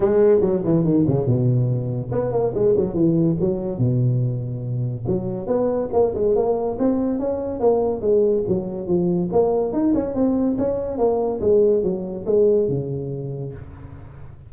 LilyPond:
\new Staff \with { instrumentName = "tuba" } { \time 4/4 \tempo 4 = 142 gis4 fis8 e8 dis8 cis8 b,4~ | b,4 b8 ais8 gis8 fis8 e4 | fis4 b,2. | fis4 b4 ais8 gis8 ais4 |
c'4 cis'4 ais4 gis4 | fis4 f4 ais4 dis'8 cis'8 | c'4 cis'4 ais4 gis4 | fis4 gis4 cis2 | }